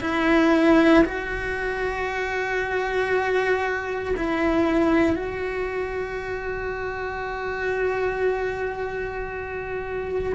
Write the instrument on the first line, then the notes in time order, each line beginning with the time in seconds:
cello
0.00 E4
1.04 F#4
4.16 E4
5.15 F#4